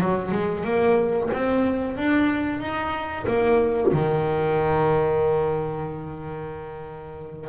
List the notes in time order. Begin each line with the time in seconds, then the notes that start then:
0.00 F#3
0.31 G#3
0.64 A#3
1.33 C4
1.97 D4
2.60 D#4
3.27 A#3
3.92 D#3